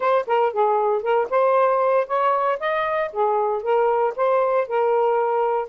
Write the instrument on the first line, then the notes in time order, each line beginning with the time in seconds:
saxophone
0.00 C5
0.27 A#4
0.53 G#4
1.02 A#4
1.30 C5
2.07 C#5
2.59 D#5
3.12 G#4
3.62 A#4
4.15 C5
4.67 A#4